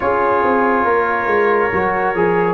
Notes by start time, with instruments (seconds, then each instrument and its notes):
0.00 tuba C#4, trombone F4, horn G#4, trumpet C#5
0.43 tuba C4
0.84 tuba A#3, horn A#4
1.26 tuba G#3
1.72 tuba F#3, trombone F#4
2.14 tuba F3, trombone G#4